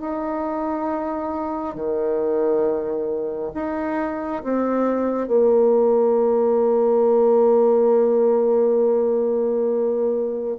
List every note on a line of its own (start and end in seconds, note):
0.00 1.75 D#4
1.75 3.52 D#3
3.55 4.43 D#4
4.44 5.27 C4
5.27 10.57 A#3